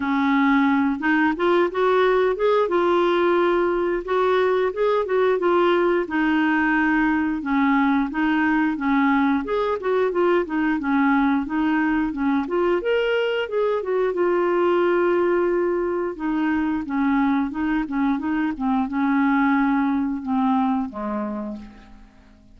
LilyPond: \new Staff \with { instrumentName = "clarinet" } { \time 4/4 \tempo 4 = 89 cis'4. dis'8 f'8 fis'4 gis'8 | f'2 fis'4 gis'8 fis'8 | f'4 dis'2 cis'4 | dis'4 cis'4 gis'8 fis'8 f'8 dis'8 |
cis'4 dis'4 cis'8 f'8 ais'4 | gis'8 fis'8 f'2. | dis'4 cis'4 dis'8 cis'8 dis'8 c'8 | cis'2 c'4 gis4 | }